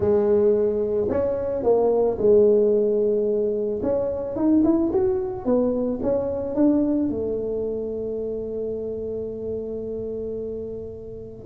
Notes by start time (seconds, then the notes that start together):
0.00 G#3
1.09 C#4
1.63 A#3
2.18 G#3
3.82 C#4
4.36 D#4
4.64 E4
4.92 F#4
5.45 B3
6.02 C#4
6.55 D4
7.09 A3